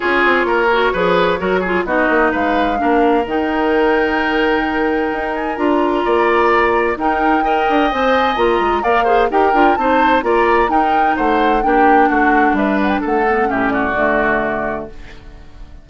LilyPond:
<<
  \new Staff \with { instrumentName = "flute" } { \time 4/4 \tempo 4 = 129 cis''1 | dis''4 f''2 g''4~ | g''2.~ g''8 gis''8 | ais''2. g''4~ |
g''4 gis''4 ais''4 f''4 | g''4 a''4 ais''4 g''4 | fis''4 g''4 fis''4 e''8 fis''16 g''16 | fis''4 e''8 d''2~ d''8 | }
  \new Staff \with { instrumentName = "oboe" } { \time 4/4 gis'4 ais'4 b'4 ais'8 gis'8 | fis'4 b'4 ais'2~ | ais'1~ | ais'4 d''2 ais'4 |
dis''2. d''8 c''8 | ais'4 c''4 d''4 ais'4 | c''4 g'4 fis'4 b'4 | a'4 g'8 fis'2~ fis'8 | }
  \new Staff \with { instrumentName = "clarinet" } { \time 4/4 f'4. fis'8 gis'4 fis'8 f'8 | dis'2 d'4 dis'4~ | dis'1 | f'2. dis'4 |
ais'4 c''4 f'4 ais'8 gis'8 | g'8 f'8 dis'4 f'4 dis'4~ | dis'4 d'2.~ | d'8 b8 cis'4 a2 | }
  \new Staff \with { instrumentName = "bassoon" } { \time 4/4 cis'8 c'8 ais4 f4 fis4 | b8 ais8 gis4 ais4 dis4~ | dis2. dis'4 | d'4 ais2 dis'4~ |
dis'8 d'8 c'4 ais8 gis8 ais4 | dis'8 d'8 c'4 ais4 dis'4 | a4 ais4 a4 g4 | a4 a,4 d2 | }
>>